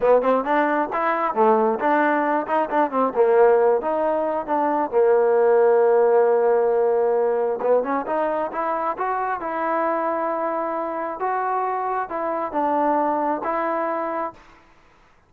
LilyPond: \new Staff \with { instrumentName = "trombone" } { \time 4/4 \tempo 4 = 134 b8 c'8 d'4 e'4 a4 | d'4. dis'8 d'8 c'8 ais4~ | ais8 dis'4. d'4 ais4~ | ais1~ |
ais4 b8 cis'8 dis'4 e'4 | fis'4 e'2.~ | e'4 fis'2 e'4 | d'2 e'2 | }